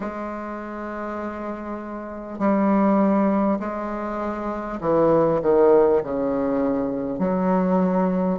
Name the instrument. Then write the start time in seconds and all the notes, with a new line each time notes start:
bassoon
0.00 G#3
2.38 G3
3.59 G#3
4.80 E3
5.42 D#3
6.03 C#3
7.18 F#3